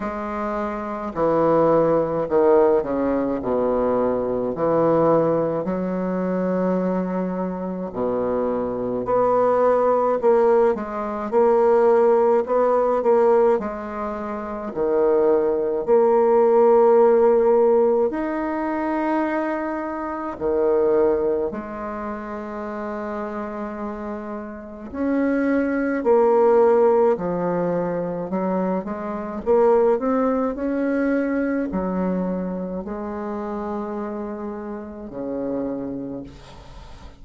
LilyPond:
\new Staff \with { instrumentName = "bassoon" } { \time 4/4 \tempo 4 = 53 gis4 e4 dis8 cis8 b,4 | e4 fis2 b,4 | b4 ais8 gis8 ais4 b8 ais8 | gis4 dis4 ais2 |
dis'2 dis4 gis4~ | gis2 cis'4 ais4 | f4 fis8 gis8 ais8 c'8 cis'4 | fis4 gis2 cis4 | }